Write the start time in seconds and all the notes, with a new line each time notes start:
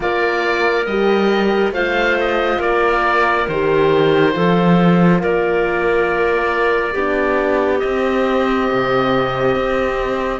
0.00 A#3 F4 A#4 D5
0.86 G3 G4 D#5
1.71 A3 F4 C5 F5
2.20 D#5
2.59 A#3 A#4 D5
3.47 D#3 G4 C5
4.32 F3 F4 A4
5.20 A#3 A#4 D5
6.93 B3 D4 G4
7.79 C4 D#5
8.71 C3
9.55 C4